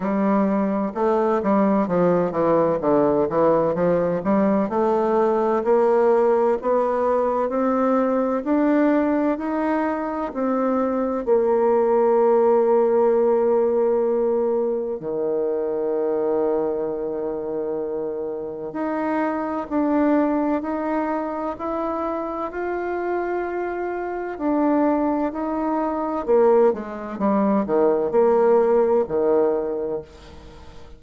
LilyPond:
\new Staff \with { instrumentName = "bassoon" } { \time 4/4 \tempo 4 = 64 g4 a8 g8 f8 e8 d8 e8 | f8 g8 a4 ais4 b4 | c'4 d'4 dis'4 c'4 | ais1 |
dis1 | dis'4 d'4 dis'4 e'4 | f'2 d'4 dis'4 | ais8 gis8 g8 dis8 ais4 dis4 | }